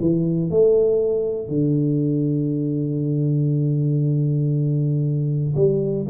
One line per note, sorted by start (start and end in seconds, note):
0.00 0.50 E3
0.50 1.48 A3
1.48 5.55 D3
5.56 6.06 G3